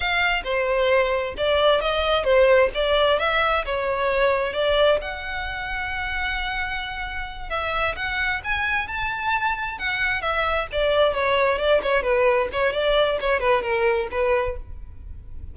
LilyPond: \new Staff \with { instrumentName = "violin" } { \time 4/4 \tempo 4 = 132 f''4 c''2 d''4 | dis''4 c''4 d''4 e''4 | cis''2 d''4 fis''4~ | fis''1~ |
fis''8 e''4 fis''4 gis''4 a''8~ | a''4. fis''4 e''4 d''8~ | d''8 cis''4 d''8 cis''8 b'4 cis''8 | d''4 cis''8 b'8 ais'4 b'4 | }